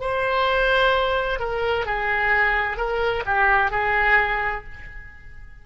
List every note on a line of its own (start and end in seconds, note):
0.00 1.39 C5
1.39 1.86 A#4
1.86 2.77 G#4
2.77 3.23 A#4
3.26 3.71 G4
3.71 4.64 G#4